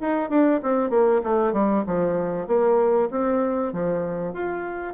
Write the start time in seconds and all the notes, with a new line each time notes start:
0.00 D#4
0.30 D4
0.63 C4
0.90 A#3
1.23 A3
1.53 G3
1.86 F3
2.47 A#3
3.11 C4
3.73 F3
4.33 F4